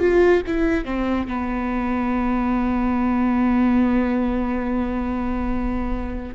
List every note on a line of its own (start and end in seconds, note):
0.00 0.42 F4
0.47 0.85 E4
0.85 1.27 C4
1.28 6.35 B3